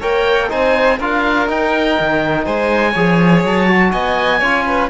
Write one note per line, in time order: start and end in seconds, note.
0.00 0.52 A#3
0.00 0.49 A#4
0.00 0.49 C#5
0.00 0.51 G5
0.49 1.00 C4
0.49 0.98 D#4
0.49 0.98 C5
0.49 1.00 G#5
0.98 1.49 D4
0.98 1.48 F4
0.98 2.44 A#4
0.98 1.50 F5
1.48 2.94 D#4
1.48 1.98 D#4
1.48 2.46 G5
2.00 2.47 D#3
2.44 2.96 G#3
2.44 2.91 C5
2.44 3.43 G#5
2.91 3.44 F3
2.91 3.68 G#4
2.91 3.89 C#5
3.44 3.93 F#3
3.44 3.93 A5
3.68 4.41 F#4
3.92 4.42 B3
3.92 4.39 D#5
3.92 4.90 G#5
4.39 4.90 C#4
4.39 4.90 F4
4.39 4.63 C#5
4.66 4.90 B4